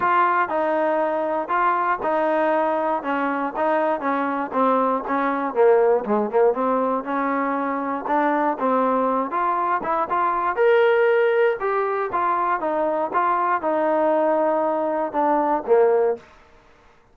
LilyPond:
\new Staff \with { instrumentName = "trombone" } { \time 4/4 \tempo 4 = 119 f'4 dis'2 f'4 | dis'2 cis'4 dis'4 | cis'4 c'4 cis'4 ais4 | gis8 ais8 c'4 cis'2 |
d'4 c'4. f'4 e'8 | f'4 ais'2 g'4 | f'4 dis'4 f'4 dis'4~ | dis'2 d'4 ais4 | }